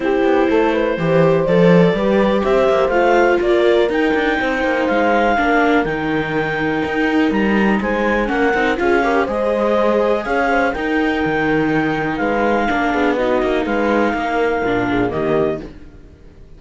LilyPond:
<<
  \new Staff \with { instrumentName = "clarinet" } { \time 4/4 \tempo 4 = 123 c''2. d''4~ | d''4 e''4 f''4 d''4 | g''2 f''2 | g''2. ais''4 |
gis''4 fis''4 f''4 dis''4~ | dis''4 f''4 g''2~ | g''4 f''2 dis''4 | f''2. dis''4 | }
  \new Staff \with { instrumentName = "horn" } { \time 4/4 g'4 a'8 b'8 c''2 | b'4 c''2 ais'4~ | ais'4 c''2 ais'4~ | ais'1 |
c''4 ais'4 gis'8 ais'8 c''4~ | c''4 cis''8 c''8 ais'2~ | ais'4 b'4 ais'8 gis'8 fis'4 | b'4 ais'4. gis'8 g'4 | }
  \new Staff \with { instrumentName = "viola" } { \time 4/4 e'2 g'4 a'4 | g'2 f'2 | dis'2. d'4 | dis'1~ |
dis'4 cis'8 dis'8 f'8 g'8 gis'4~ | gis'2 dis'2~ | dis'2 d'4 dis'4~ | dis'2 d'4 ais4 | }
  \new Staff \with { instrumentName = "cello" } { \time 4/4 c'8 b8 a4 e4 f4 | g4 c'8 ais8 a4 ais4 | dis'8 d'8 c'8 ais8 gis4 ais4 | dis2 dis'4 g4 |
gis4 ais8 c'8 cis'4 gis4~ | gis4 cis'4 dis'4 dis4~ | dis4 gis4 ais8 b4 ais8 | gis4 ais4 ais,4 dis4 | }
>>